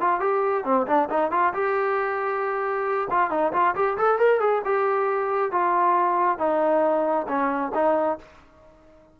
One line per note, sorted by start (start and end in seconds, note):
0.00 0.20 F4
0.20 0.64 G4
0.64 0.86 C4
0.87 1.09 D4
1.09 1.31 D#4
1.31 1.53 F4
1.53 3.08 G4
3.10 3.30 F4
3.30 3.52 D#4
3.52 3.74 F4
3.75 3.97 G4
3.97 4.19 A4
4.19 4.40 A#4
4.40 4.62 G#4
4.64 5.51 G4
5.51 6.38 F4
6.38 7.26 D#4
7.28 7.72 C#4
7.74 8.18 D#4